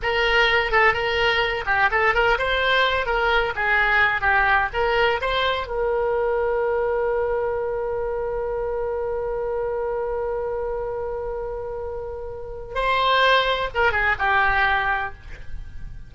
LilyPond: \new Staff \with { instrumentName = "oboe" } { \time 4/4 \tempo 4 = 127 ais'4. a'8 ais'4. g'8 | a'8 ais'8 c''4. ais'4 gis'8~ | gis'4 g'4 ais'4 c''4 | ais'1~ |
ais'1~ | ais'1~ | ais'2. c''4~ | c''4 ais'8 gis'8 g'2 | }